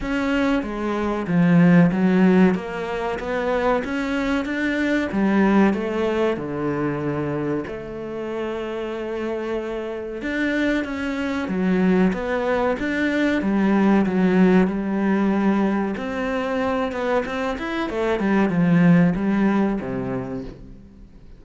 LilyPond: \new Staff \with { instrumentName = "cello" } { \time 4/4 \tempo 4 = 94 cis'4 gis4 f4 fis4 | ais4 b4 cis'4 d'4 | g4 a4 d2 | a1 |
d'4 cis'4 fis4 b4 | d'4 g4 fis4 g4~ | g4 c'4. b8 c'8 e'8 | a8 g8 f4 g4 c4 | }